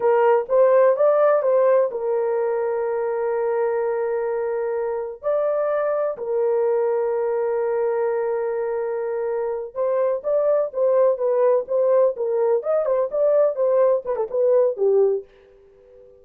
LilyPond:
\new Staff \with { instrumentName = "horn" } { \time 4/4 \tempo 4 = 126 ais'4 c''4 d''4 c''4 | ais'1~ | ais'2. d''4~ | d''4 ais'2.~ |
ais'1~ | ais'8 c''4 d''4 c''4 b'8~ | b'8 c''4 ais'4 dis''8 c''8 d''8~ | d''8 c''4 b'16 a'16 b'4 g'4 | }